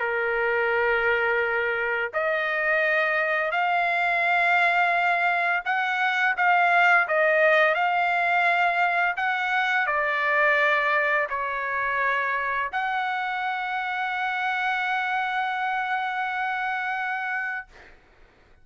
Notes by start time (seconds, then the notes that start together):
0.00 A#4
2.14 D#5
3.52 F5
5.65 F#5
6.37 F5
7.08 D#5
7.75 F5
9.17 F#5
9.87 D5
11.30 C#5
12.73 F#5